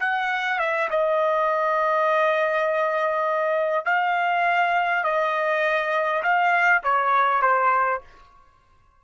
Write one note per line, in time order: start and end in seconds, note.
0.00 0.59 F#5
0.59 0.89 E5
0.90 3.85 D#5
3.85 5.04 F5
5.04 6.23 D#5
6.23 6.82 F5
6.84 7.42 C#5
7.42 8.01 C5